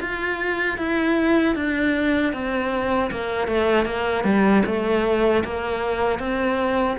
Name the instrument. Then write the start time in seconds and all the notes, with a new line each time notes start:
cello
0.00 F4
0.78 E4
1.55 D4
2.33 C4
3.11 A#3
3.47 A3
3.85 A#3
4.24 G3
4.66 A3
5.44 A#3
6.19 C4